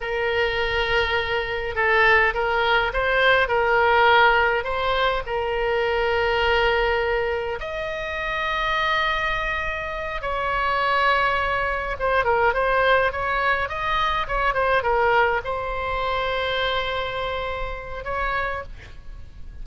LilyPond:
\new Staff \with { instrumentName = "oboe" } { \time 4/4 \tempo 4 = 103 ais'2. a'4 | ais'4 c''4 ais'2 | c''4 ais'2.~ | ais'4 dis''2.~ |
dis''4. cis''2~ cis''8~ | cis''8 c''8 ais'8 c''4 cis''4 dis''8~ | dis''8 cis''8 c''8 ais'4 c''4.~ | c''2. cis''4 | }